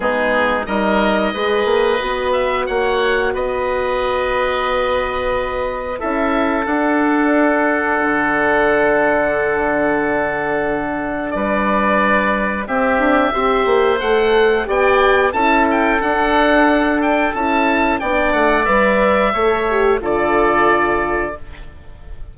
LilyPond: <<
  \new Staff \with { instrumentName = "oboe" } { \time 4/4 \tempo 4 = 90 gis'4 dis''2~ dis''8 e''8 | fis''4 dis''2.~ | dis''4 e''4 fis''2~ | fis''1~ |
fis''4 d''2 e''4~ | e''4 fis''4 g''4 a''8 g''8 | fis''4. g''8 a''4 g''8 fis''8 | e''2 d''2 | }
  \new Staff \with { instrumentName = "oboe" } { \time 4/4 dis'4 ais'4 b'2 | cis''4 b'2.~ | b'4 a'2.~ | a'1~ |
a'4 b'2 g'4 | c''2 d''4 a'4~ | a'2. d''4~ | d''4 cis''4 a'2 | }
  \new Staff \with { instrumentName = "horn" } { \time 4/4 b4 dis'4 gis'4 fis'4~ | fis'1~ | fis'4 e'4 d'2~ | d'1~ |
d'2. c'4 | g'4 a'4 g'4 e'4 | d'2 e'4 d'4 | b'4 a'8 g'8 f'2 | }
  \new Staff \with { instrumentName = "bassoon" } { \time 4/4 gis4 g4 gis8 ais8 b4 | ais4 b2.~ | b4 cis'4 d'2 | d1~ |
d4 g2 c'8 d'8 | c'8 ais8 a4 b4 cis'4 | d'2 cis'4 b8 a8 | g4 a4 d2 | }
>>